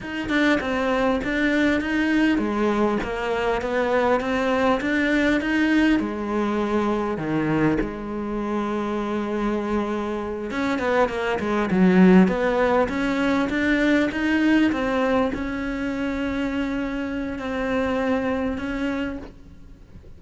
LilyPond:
\new Staff \with { instrumentName = "cello" } { \time 4/4 \tempo 4 = 100 dis'8 d'8 c'4 d'4 dis'4 | gis4 ais4 b4 c'4 | d'4 dis'4 gis2 | dis4 gis2.~ |
gis4. cis'8 b8 ais8 gis8 fis8~ | fis8 b4 cis'4 d'4 dis'8~ | dis'8 c'4 cis'2~ cis'8~ | cis'4 c'2 cis'4 | }